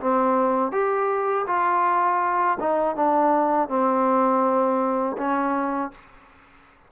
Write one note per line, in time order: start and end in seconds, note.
0.00 0.72 C4
0.72 1.46 G4
1.46 2.58 F4
2.60 2.95 D#4
2.95 3.68 D4
3.68 5.16 C4
5.17 5.91 C#4